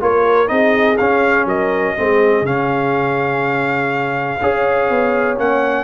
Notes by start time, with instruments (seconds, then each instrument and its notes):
0.00 tuba A#3, trombone F4, horn A#4, trumpet C#5
0.47 tuba C4, trombone D#4, horn G#4, trumpet D#5
0.97 trombone C#4, tuba C#4, trumpet F5
1.45 tuba F#3, horn A#4, trumpet D#5
1.96 tuba G#3, trombone C4, horn G#4
2.41 tuba C#3, trombone C#4, trumpet F5
4.40 tuba C#4, trombone G#4, horn C#5
4.90 tuba B3
5.37 tuba A#3, trombone C#4, trumpet F#5